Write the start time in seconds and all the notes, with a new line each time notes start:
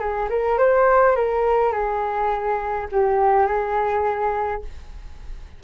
0.00 G#4
0.29 A#4
0.58 C5
1.16 A#4
1.72 G#4
2.92 G4
3.46 G#4